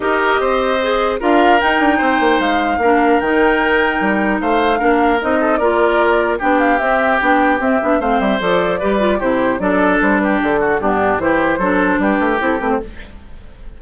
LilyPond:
<<
  \new Staff \with { instrumentName = "flute" } { \time 4/4 \tempo 4 = 150 dis''2. f''4 | g''2 f''2 | g''2. f''4~ | f''4 dis''4 d''2 |
g''8 f''8 e''4 g''4 e''4 | f''8 e''8 d''2 c''4 | d''4 c''8 b'8 a'4 g'4 | c''2 b'4 a'8 b'16 c''16 | }
  \new Staff \with { instrumentName = "oboe" } { \time 4/4 ais'4 c''2 ais'4~ | ais'4 c''2 ais'4~ | ais'2. c''4 | ais'4. a'8 ais'2 |
g'1 | c''2 b'4 g'4 | a'4. g'4 fis'8 d'4 | g'4 a'4 g'2 | }
  \new Staff \with { instrumentName = "clarinet" } { \time 4/4 g'2 gis'4 f'4 | dis'2. d'4 | dis'1 | d'4 dis'4 f'2 |
d'4 c'4 d'4 c'8 d'8 | c'4 a'4 g'8 f'8 e'4 | d'2. b4 | e'4 d'2 e'8 c'8 | }
  \new Staff \with { instrumentName = "bassoon" } { \time 4/4 dis'4 c'2 d'4 | dis'8 d'8 c'8 ais8 gis4 ais4 | dis2 g4 a4 | ais4 c'4 ais2 |
b4 c'4 b4 c'8 b8 | a8 g8 f4 g4 c4 | fis4 g4 d4 g,4 | e4 fis4 g8 a8 c'8 a8 | }
>>